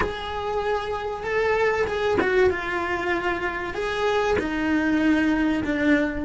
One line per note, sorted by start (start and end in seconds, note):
0.00 1.23 G#4
1.23 1.86 A4
1.86 2.18 G#4
2.20 2.50 F#4
2.50 3.74 F4
3.74 4.36 G#4
4.38 5.63 D#4
5.63 6.24 D4